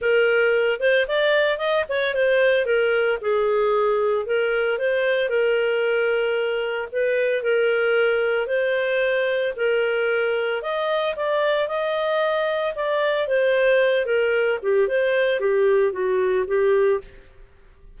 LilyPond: \new Staff \with { instrumentName = "clarinet" } { \time 4/4 \tempo 4 = 113 ais'4. c''8 d''4 dis''8 cis''8 | c''4 ais'4 gis'2 | ais'4 c''4 ais'2~ | ais'4 b'4 ais'2 |
c''2 ais'2 | dis''4 d''4 dis''2 | d''4 c''4. ais'4 g'8 | c''4 g'4 fis'4 g'4 | }